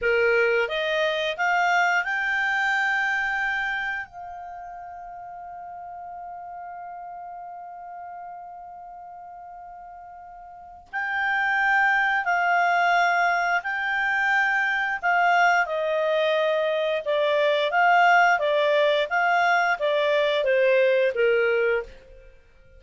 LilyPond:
\new Staff \with { instrumentName = "clarinet" } { \time 4/4 \tempo 4 = 88 ais'4 dis''4 f''4 g''4~ | g''2 f''2~ | f''1~ | f''1 |
g''2 f''2 | g''2 f''4 dis''4~ | dis''4 d''4 f''4 d''4 | f''4 d''4 c''4 ais'4 | }